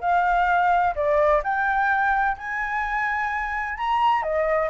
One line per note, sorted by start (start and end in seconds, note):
0.00 0.94 F5
0.95 1.42 D5
1.43 2.37 G5
2.37 3.78 G#5
3.78 4.22 A#5
4.22 4.69 D#5